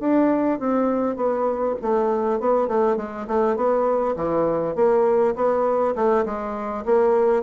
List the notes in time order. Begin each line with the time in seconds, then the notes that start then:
0.00 D4
0.59 C4
1.16 B3
1.82 A3
2.40 B3
2.68 A3
2.97 G#3
3.27 A3
3.56 B3
4.16 E3
4.76 A#3
5.35 B3
5.95 A3
6.25 G#3
6.85 A#3